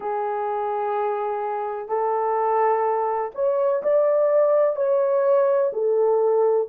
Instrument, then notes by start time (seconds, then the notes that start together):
horn
0.00 G#4
1.88 A4
3.34 C#5
3.82 D5
4.76 C#5
5.72 A4